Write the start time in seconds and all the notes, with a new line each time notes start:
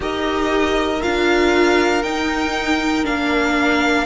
0.00 D#4 G4 A#4 D#5
1.01 D4 F4 F5
2.02 D#4 G5
3.03 A#3 D4 F5